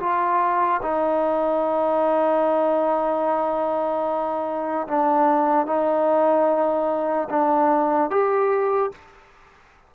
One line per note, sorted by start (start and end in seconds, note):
0.00 0.81 F4
0.82 4.88 D#4
4.88 5.67 D4
5.67 7.29 D#4
7.30 8.11 D4
8.11 8.92 G4